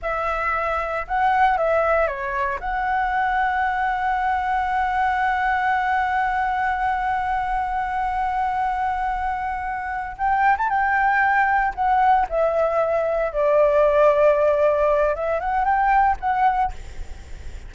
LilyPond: \new Staff \with { instrumentName = "flute" } { \time 4/4 \tempo 4 = 115 e''2 fis''4 e''4 | cis''4 fis''2.~ | fis''1~ | fis''1~ |
fis''2.~ fis''8 g''8~ | g''16 a''16 g''2 fis''4 e''8~ | e''4. d''2~ d''8~ | d''4 e''8 fis''8 g''4 fis''4 | }